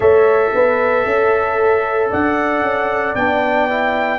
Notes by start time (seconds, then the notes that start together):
0.00 A3 A4 C#5 E5
0.54 B3 B4
1.05 C#4 A4
2.10 D4 D5 F#5
2.62 C#4
3.15 B3 D4 G5
3.69 E4